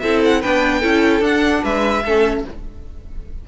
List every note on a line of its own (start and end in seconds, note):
0.00 0.44 C4
0.00 0.44 E4
0.00 0.41 A4
0.00 0.20 E5
0.25 0.42 F#5
0.41 0.84 B3
0.41 0.83 D4
0.41 0.80 B4
0.41 1.23 G5
0.80 1.21 C#4
0.80 1.21 E4
0.80 1.61 A4
1.21 1.62 D4
1.21 2.02 D4
1.21 1.65 F#5
1.64 2.05 G#3
1.64 2.04 B4
1.64 2.46 E5
2.05 2.45 A3
2.05 2.48 C#4
2.05 2.45 A4